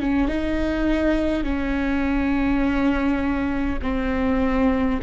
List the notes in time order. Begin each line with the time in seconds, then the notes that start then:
0.00 C#4
0.28 D#4
1.44 C#4
3.82 C4